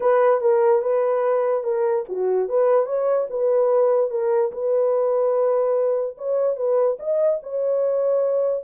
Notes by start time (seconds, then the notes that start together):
0.00 B4
0.40 A#4
0.82 B4
1.63 A#4
2.08 F#4
2.48 B4
2.86 C#5
3.30 B4
4.10 A#4
4.51 B4
6.17 C#5
6.56 B4
6.99 D#5
7.42 C#5